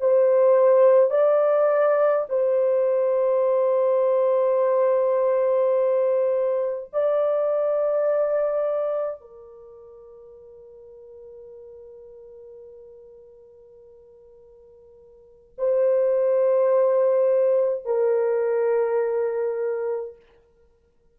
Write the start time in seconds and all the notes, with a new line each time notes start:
0.00 C5
1.10 D5
2.29 C5
6.93 D5
9.20 A#4
15.58 C5
17.85 A#4